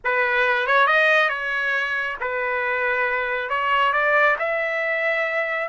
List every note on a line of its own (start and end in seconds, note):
0.04 0.66 B4
0.66 0.87 C#5
0.87 1.29 D#5
1.29 2.16 C#5
2.20 3.49 B4
3.49 3.92 C#5
3.92 4.36 D5
4.38 5.68 E5